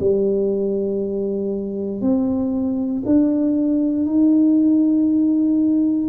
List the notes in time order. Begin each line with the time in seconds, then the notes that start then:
0.00 G3
2.02 C4
3.06 D4
4.06 D#4